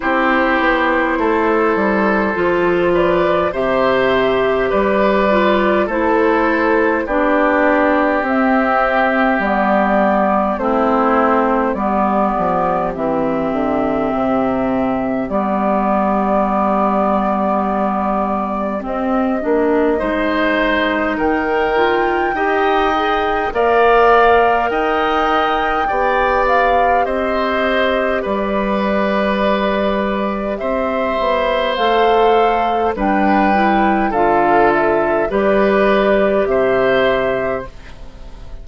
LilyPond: <<
  \new Staff \with { instrumentName = "flute" } { \time 4/4 \tempo 4 = 51 c''2~ c''8 d''8 e''4 | d''4 c''4 d''4 e''4 | d''4 c''4 d''4 e''4~ | e''4 d''2. |
dis''2 g''2 | f''4 g''4. f''8 dis''4 | d''2 e''4 f''4 | g''4 f''8 e''8 d''4 e''4 | }
  \new Staff \with { instrumentName = "oboe" } { \time 4/4 g'4 a'4. b'8 c''4 | b'4 a'4 g'2~ | g'4 e'4 g'2~ | g'1~ |
g'4 c''4 ais'4 dis''4 | d''4 dis''4 d''4 c''4 | b'2 c''2 | b'4 a'4 b'4 c''4 | }
  \new Staff \with { instrumentName = "clarinet" } { \time 4/4 e'2 f'4 g'4~ | g'8 f'8 e'4 d'4 c'4 | b4 c'4 b4 c'4~ | c'4 b2. |
c'8 d'8 dis'4. f'8 g'8 gis'8 | ais'2 g'2~ | g'2. a'4 | d'8 e'8 f'4 g'2 | }
  \new Staff \with { instrumentName = "bassoon" } { \time 4/4 c'8 b8 a8 g8 f4 c4 | g4 a4 b4 c'4 | g4 a4 g8 f8 e8 d8 | c4 g2. |
c'8 ais8 gis4 dis4 dis'4 | ais4 dis'4 b4 c'4 | g2 c'8 b8 a4 | g4 d4 g4 c4 | }
>>